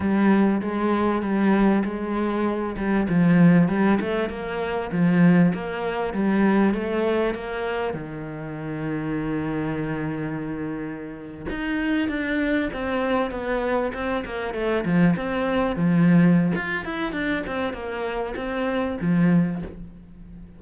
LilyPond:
\new Staff \with { instrumentName = "cello" } { \time 4/4 \tempo 4 = 98 g4 gis4 g4 gis4~ | gis8 g8 f4 g8 a8 ais4 | f4 ais4 g4 a4 | ais4 dis2.~ |
dis2~ dis8. dis'4 d'16~ | d'8. c'4 b4 c'8 ais8 a16~ | a16 f8 c'4 f4~ f16 f'8 e'8 | d'8 c'8 ais4 c'4 f4 | }